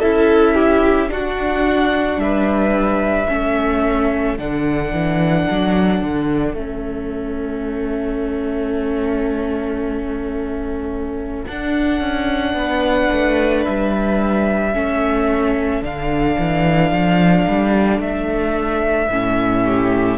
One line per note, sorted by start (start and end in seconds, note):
0.00 1.11 C#4
0.00 1.09 E4
0.00 0.55 A4
0.00 1.10 E5
0.55 1.09 G4
1.09 3.27 D4
1.09 2.17 D4
1.09 2.21 F#4
1.09 2.20 F#5
2.17 3.26 G3
2.17 3.29 B4
2.17 4.38 E5
3.28 4.39 A3
3.28 4.37 C#4
3.28 12.56 A4
4.38 4.92 D3
4.38 6.55 D4
4.38 6.57 F#5
4.92 5.47 E3
5.51 6.02 F#3
6.02 6.54 D3
6.54 11.45 A3
6.54 11.46 C#4
6.54 11.47 E5
11.47 14.73 D4
11.47 12.00 D4
11.47 13.65 F#5
12.00 12.54 C#4
12.54 13.08 B3
12.54 14.74 B4
13.12 13.67 A3
13.65 14.75 G3
13.65 15.83 E5
14.73 15.82 A3
14.73 15.82 C#4
14.73 19.64 A4
15.82 16.37 D3
15.82 19.10 D4
15.82 18.01 F5
16.39 16.91 E3
16.91 17.46 F3
17.48 17.99 G3
17.99 19.08 A3
17.99 20.18 E5
19.10 20.18 A2
19.10 20.18 C#4
19.64 20.18 G4